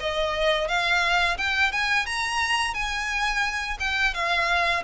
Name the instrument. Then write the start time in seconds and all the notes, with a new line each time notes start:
violin
0.00 D#5
0.68 F5
1.38 G5
1.72 G#5
2.06 A#5
2.74 G#5
3.80 G5
4.14 F5